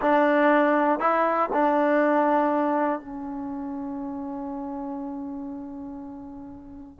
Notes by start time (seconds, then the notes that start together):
0.01 D4
0.99 E4
1.52 D4
3.00 C#4